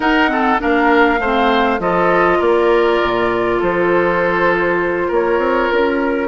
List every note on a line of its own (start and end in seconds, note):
0.00 0.28 D#4
0.00 0.60 D#4
0.00 0.30 A#4
0.00 0.60 F#5
0.28 0.58 C4
0.28 0.61 A4
0.58 1.19 A#3
0.58 1.18 D4
0.58 1.20 A#4
0.58 1.80 F5
1.19 1.79 A3
1.19 1.79 C4
1.19 1.80 C5
1.79 2.39 F3
1.79 6.28 F4
1.79 2.38 A4
1.79 2.40 D#5
2.38 3.00 A#3
2.38 3.58 A#4
2.38 3.60 D5
3.01 3.61 A#2
3.58 5.10 F3
3.58 5.07 A4
3.58 5.12 C5
5.07 5.38 A#3
5.07 6.27 A#4
5.07 5.70 C#5
5.38 5.68 C4
5.70 6.28 C#4
5.70 6.28 A#4